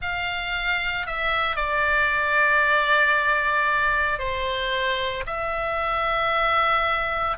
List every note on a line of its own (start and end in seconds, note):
0.01 1.06 F5
1.06 1.56 E5
1.56 4.18 D5
4.18 5.23 C5
5.26 7.37 E5